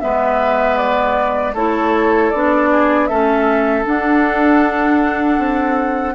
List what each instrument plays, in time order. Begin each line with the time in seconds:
0.00 bassoon G#3, clarinet B3, oboe B4, flute E5
0.77 flute D5
1.53 bassoon A3, clarinet E4, oboe A4, flute C#5
2.30 bassoon B3, clarinet D4, flute D5
2.71 oboe G#4
3.06 bassoon A3, clarinet C#4, oboe A4, flute E5
3.84 clarinet D4, bassoon D4, flute F#5
5.38 bassoon C4